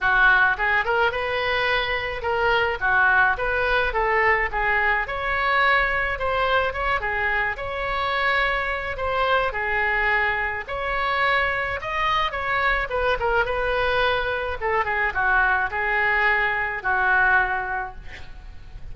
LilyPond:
\new Staff \with { instrumentName = "oboe" } { \time 4/4 \tempo 4 = 107 fis'4 gis'8 ais'8 b'2 | ais'4 fis'4 b'4 a'4 | gis'4 cis''2 c''4 | cis''8 gis'4 cis''2~ cis''8 |
c''4 gis'2 cis''4~ | cis''4 dis''4 cis''4 b'8 ais'8 | b'2 a'8 gis'8 fis'4 | gis'2 fis'2 | }